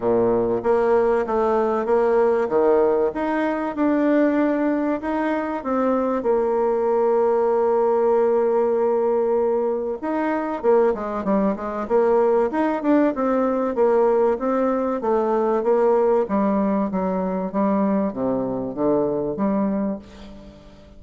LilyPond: \new Staff \with { instrumentName = "bassoon" } { \time 4/4 \tempo 4 = 96 ais,4 ais4 a4 ais4 | dis4 dis'4 d'2 | dis'4 c'4 ais2~ | ais1 |
dis'4 ais8 gis8 g8 gis8 ais4 | dis'8 d'8 c'4 ais4 c'4 | a4 ais4 g4 fis4 | g4 c4 d4 g4 | }